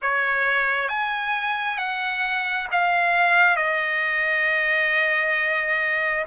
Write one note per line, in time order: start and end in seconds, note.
0.02 0.88 C#5
0.88 1.77 G#5
1.78 2.67 F#5
2.71 3.56 F5
3.56 6.24 D#5